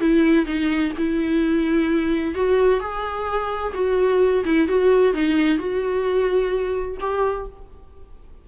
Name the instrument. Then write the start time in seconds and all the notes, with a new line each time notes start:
viola
0.00 E4
0.45 D#4
0.97 E4
2.35 F#4
2.80 G#4
3.74 F#4
4.44 E4
4.68 F#4
5.13 D#4
5.58 F#4
7.00 G4